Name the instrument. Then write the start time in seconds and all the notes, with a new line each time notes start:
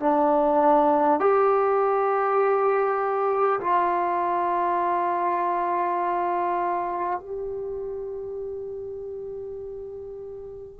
trombone
0.00 D4
1.20 G4
3.61 F4
7.20 G4